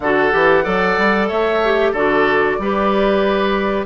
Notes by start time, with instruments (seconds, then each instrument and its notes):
0.00 bassoon D3, clarinet F#4, oboe A4, flute F#5
0.31 bassoon E3, clarinet G4
0.63 bassoon F#3, clarinet A4, oboe D5
0.98 bassoon G3
1.27 bassoon A3, oboe C#5, flute E5
1.63 clarinet G4
1.92 bassoon D3, clarinet F#4, oboe A4, flute D5
2.58 bassoon G3, clarinet G4, oboe B4